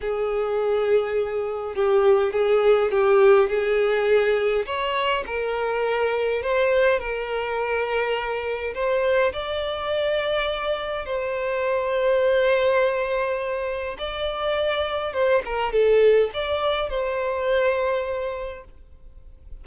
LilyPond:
\new Staff \with { instrumentName = "violin" } { \time 4/4 \tempo 4 = 103 gis'2. g'4 | gis'4 g'4 gis'2 | cis''4 ais'2 c''4 | ais'2. c''4 |
d''2. c''4~ | c''1 | d''2 c''8 ais'8 a'4 | d''4 c''2. | }